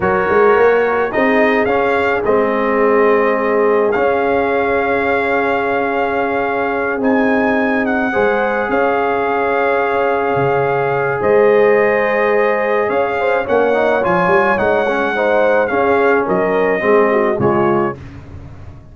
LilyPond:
<<
  \new Staff \with { instrumentName = "trumpet" } { \time 4/4 \tempo 4 = 107 cis''2 dis''4 f''4 | dis''2. f''4~ | f''1~ | f''8 gis''4. fis''4. f''8~ |
f''1 | dis''2. f''4 | fis''4 gis''4 fis''2 | f''4 dis''2 cis''4 | }
  \new Staff \with { instrumentName = "horn" } { \time 4/4 ais'2 gis'2~ | gis'1~ | gis'1~ | gis'2~ gis'8 c''4 cis''8~ |
cis''1 | c''2. cis''8 c''8 | cis''2. c''4 | gis'4 ais'4 gis'8 fis'8 f'4 | }
  \new Staff \with { instrumentName = "trombone" } { \time 4/4 fis'2 dis'4 cis'4 | c'2. cis'4~ | cis'1~ | cis'8 dis'2 gis'4.~ |
gis'1~ | gis'1 | cis'8 dis'8 f'4 dis'8 cis'8 dis'4 | cis'2 c'4 gis4 | }
  \new Staff \with { instrumentName = "tuba" } { \time 4/4 fis8 gis8 ais4 c'4 cis'4 | gis2. cis'4~ | cis'1~ | cis'8 c'2 gis4 cis'8~ |
cis'2~ cis'8 cis4. | gis2. cis'4 | ais4 f8 g8 gis2 | cis'4 fis4 gis4 cis4 | }
>>